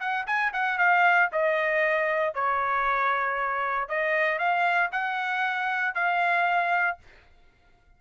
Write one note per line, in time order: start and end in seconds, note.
0.00 0.26 F#5
0.27 0.52 G#5
0.53 0.78 F#5
0.78 1.30 F5
1.32 2.34 D#5
2.34 3.89 C#5
3.89 4.39 D#5
4.39 4.90 F5
4.92 5.95 F#5
5.95 6.98 F5